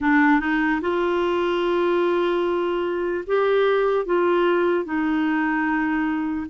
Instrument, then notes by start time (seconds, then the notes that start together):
clarinet
0.00 D4
0.40 D#4
0.81 F4
3.27 G4
4.05 F4
4.84 D#4